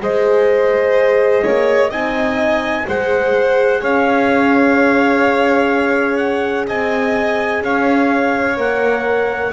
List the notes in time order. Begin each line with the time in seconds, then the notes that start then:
0.00 G#3 G#4 C5 D#5
1.43 A#3 C#5
1.90 C4 D#4 D#5 G#5
2.87 G#3 G#4 C5 F#5
3.81 C#4 C#5 F5
6.17 F#5
6.67 C4 D#5 G#5
7.61 C#4 C#5 F5
8.57 A#3 A#4 F#5